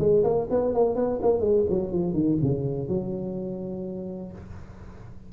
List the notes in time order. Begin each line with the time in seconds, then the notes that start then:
0.00 G#3
0.24 A#3
0.51 B3
0.74 A#3
0.96 B3
1.22 A#3
1.41 G#3
1.70 F#3
1.92 F3
2.14 D#3
2.42 C#3
2.88 F#3